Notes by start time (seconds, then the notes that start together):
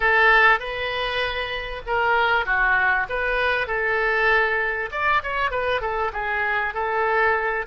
0.00 A4
0.59 B4
1.86 A#4
2.45 F#4
3.09 B4
3.67 A4
4.91 D5
5.23 C#5
5.50 B4
5.81 A4
6.12 G#4
6.74 A4